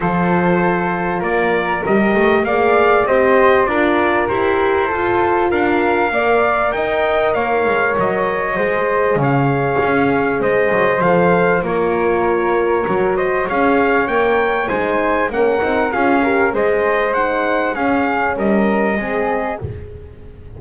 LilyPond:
<<
  \new Staff \with { instrumentName = "trumpet" } { \time 4/4 \tempo 4 = 98 c''2 d''4 dis''4 | f''4 dis''4 d''4 c''4~ | c''4 f''2 g''4 | f''4 dis''2 f''4~ |
f''4 dis''4 f''4 cis''4~ | cis''4. dis''8 f''4 g''4 | gis''4 fis''4 f''4 dis''4 | fis''4 f''4 dis''2 | }
  \new Staff \with { instrumentName = "flute" } { \time 4/4 a'2 ais'2 | d''4 c''4 ais'2 | a'4 ais'4 d''4 dis''4 | cis''2 c''4 cis''4~ |
cis''4 c''2 ais'4~ | ais'4. c''8 cis''2 | c''4 ais'4 gis'8 ais'8 c''4~ | c''4 gis'4 ais'4 gis'4 | }
  \new Staff \with { instrumentName = "horn" } { \time 4/4 f'2. g'4 | gis'4 g'4 f'4 g'4 | f'2 ais'2~ | ais'2 gis'2~ |
gis'2 a'4 f'4~ | f'4 fis'4 gis'4 ais'4 | dis'4 cis'8 dis'8 f'8 g'8 gis'4 | dis'4 cis'2 c'4 | }
  \new Staff \with { instrumentName = "double bass" } { \time 4/4 f2 ais4 g8 a8 | ais4 c'4 d'4 e'4 | f'4 d'4 ais4 dis'4 | ais8 gis8 fis4 gis4 cis4 |
cis'4 gis8 fis8 f4 ais4~ | ais4 fis4 cis'4 ais4 | gis4 ais8 c'8 cis'4 gis4~ | gis4 cis'4 g4 gis4 | }
>>